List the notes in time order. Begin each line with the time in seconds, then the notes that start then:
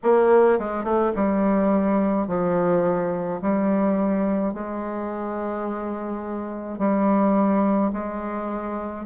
0.03 A#3
0.58 G#3
0.83 A3
1.15 G3
2.27 F3
3.41 G3
4.53 G#3
6.78 G3
7.92 G#3